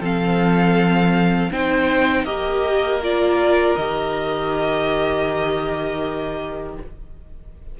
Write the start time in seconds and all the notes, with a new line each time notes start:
0.00 F3 C4 A4 F5
1.52 C4 D#4 C5 G5
2.24 A#3 G4 A#4 D#5
3.03 F4 D5
3.76 D#3 G4 D#5